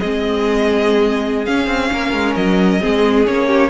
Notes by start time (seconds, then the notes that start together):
0.00 G#3 C4 G#4 D#5
1.45 C#4 F5
1.67 C4
1.93 A#3 A#4
2.13 G#3
2.36 F#3 D#5
2.81 G#3 C4 G#4
3.27 A#3 C#4 C#5
3.48 G4